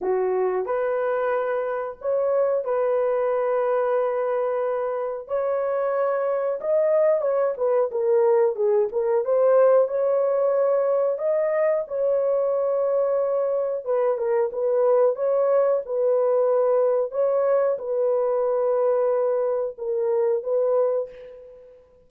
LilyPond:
\new Staff \with { instrumentName = "horn" } { \time 4/4 \tempo 4 = 91 fis'4 b'2 cis''4 | b'1 | cis''2 dis''4 cis''8 b'8 | ais'4 gis'8 ais'8 c''4 cis''4~ |
cis''4 dis''4 cis''2~ | cis''4 b'8 ais'8 b'4 cis''4 | b'2 cis''4 b'4~ | b'2 ais'4 b'4 | }